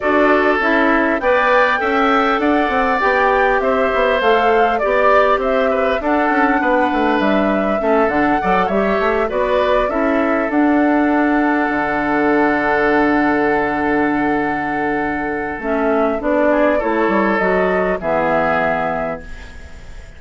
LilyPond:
<<
  \new Staff \with { instrumentName = "flute" } { \time 4/4 \tempo 4 = 100 d''4 e''4 g''2 | fis''4 g''4 e''4 f''4 | d''4 e''4 fis''2 | e''4. fis''4 e''4 d''8~ |
d''8 e''4 fis''2~ fis''8~ | fis''1~ | fis''2 e''4 d''4 | cis''4 dis''4 e''2 | }
  \new Staff \with { instrumentName = "oboe" } { \time 4/4 a'2 d''4 e''4 | d''2 c''2 | d''4 c''8 b'8 a'4 b'4~ | b'4 a'4 d''8 cis''4 b'8~ |
b'8 a'2.~ a'8~ | a'1~ | a'2.~ a'8 gis'8 | a'2 gis'2 | }
  \new Staff \with { instrumentName = "clarinet" } { \time 4/4 fis'4 e'4 b'4 a'4~ | a'4 g'2 a'4 | g'2 d'2~ | d'4 cis'8 d'8 a'8 g'4 fis'8~ |
fis'8 e'4 d'2~ d'8~ | d'1~ | d'2 cis'4 d'4 | e'4 fis'4 b2 | }
  \new Staff \with { instrumentName = "bassoon" } { \time 4/4 d'4 cis'4 b4 cis'4 | d'8 c'8 b4 c'8 b8 a4 | b4 c'4 d'8 cis'8 b8 a8 | g4 a8 d8 fis8 g8 a8 b8~ |
b8 cis'4 d'2 d8~ | d1~ | d2 a4 b4 | a8 g8 fis4 e2 | }
>>